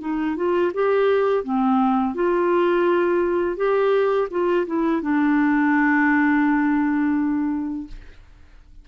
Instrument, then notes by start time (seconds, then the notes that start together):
clarinet
0.00 D#4
0.36 F4
0.73 G4
1.44 C4
2.14 F4
3.56 G4
4.30 F4
4.66 E4
5.01 D4